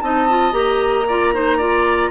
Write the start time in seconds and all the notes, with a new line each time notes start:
0.00 C4 D#4 D#5 A5
0.28 F4
0.52 A#3 G4 A#5
1.07 F4 D5
1.33 D#4 C5
1.57 F4 D5